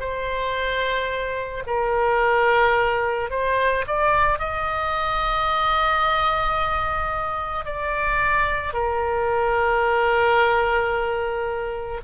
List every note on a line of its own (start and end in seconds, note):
0.00 1.64 C5
1.67 3.31 A#4
3.31 3.85 C5
3.87 4.39 D5
4.39 7.66 D#5
7.66 8.74 D5
8.74 12.01 A#4